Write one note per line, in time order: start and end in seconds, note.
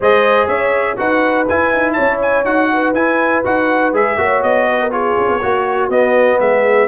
0.00 0.47 G#3
0.00 0.97 G#4
0.00 0.47 C5
0.00 0.48 D#5
0.47 0.97 C#4
0.47 0.96 C#5
0.47 0.97 E5
0.97 1.48 D#4
0.97 1.46 F#4
0.97 1.94 B4
0.97 1.48 F#5
1.48 1.72 E4
1.48 2.45 E4
1.48 1.93 G#5
1.72 1.97 D#4
1.93 2.68 C#5
1.93 2.17 A5
1.99 2.44 C#4
2.21 2.45 G#5
2.44 2.93 D#4
2.44 2.94 F#4
2.44 2.94 F#5
2.72 4.20 B4
2.93 3.42 E4
2.93 3.44 E4
2.93 3.43 G#5
3.44 3.92 D#4
3.44 3.93 F#4
3.44 3.94 F#5
3.92 4.17 G#3
3.92 4.17 G#4
3.92 4.42 E5
4.17 4.42 A#3
4.17 4.90 F#4
4.17 4.67 C#5
4.42 5.16 B3
4.42 4.91 D#5
4.67 4.79 B4
4.81 4.93 A#4
4.90 5.40 F4
4.90 5.40 G#4
4.90 5.90 C#5
5.18 5.28 C#4
5.28 5.40 B3
5.40 5.89 A#3
5.40 6.38 F#4
5.40 5.91 F#4
5.89 6.38 B3
5.89 6.87 B3
5.89 6.39 D#5
6.40 6.87 G#3
6.40 6.87 G#4
6.40 6.87 E5